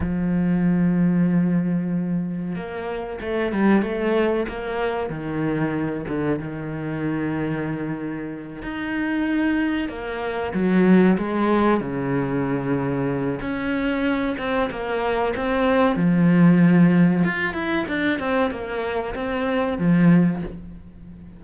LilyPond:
\new Staff \with { instrumentName = "cello" } { \time 4/4 \tempo 4 = 94 f1 | ais4 a8 g8 a4 ais4 | dis4. d8 dis2~ | dis4. dis'2 ais8~ |
ais8 fis4 gis4 cis4.~ | cis4 cis'4. c'8 ais4 | c'4 f2 f'8 e'8 | d'8 c'8 ais4 c'4 f4 | }